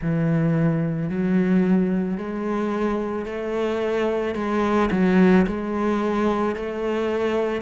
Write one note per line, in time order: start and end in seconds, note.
0.01 1.09 E3
1.09 2.17 F#3
2.17 3.25 G#3
3.25 4.34 A3
4.34 4.89 G#3
4.91 5.45 F#3
5.46 6.55 G#3
6.55 7.61 A3